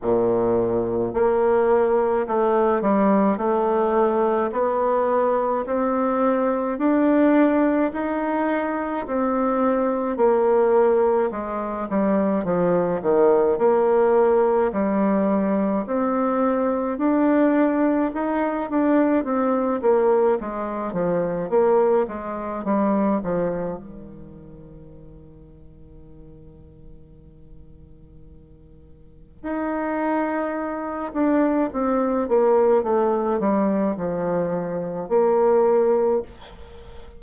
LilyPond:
\new Staff \with { instrumentName = "bassoon" } { \time 4/4 \tempo 4 = 53 ais,4 ais4 a8 g8 a4 | b4 c'4 d'4 dis'4 | c'4 ais4 gis8 g8 f8 dis8 | ais4 g4 c'4 d'4 |
dis'8 d'8 c'8 ais8 gis8 f8 ais8 gis8 | g8 f8 dis2.~ | dis2 dis'4. d'8 | c'8 ais8 a8 g8 f4 ais4 | }